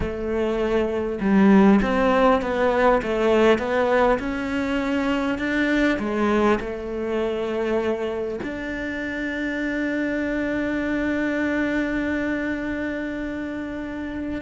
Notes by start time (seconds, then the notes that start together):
0.00 A3
1.20 G3
1.82 C4
2.41 B3
3.02 A3
3.58 B3
4.19 C#4
5.38 D4
5.99 G#3
6.60 A3
8.43 D4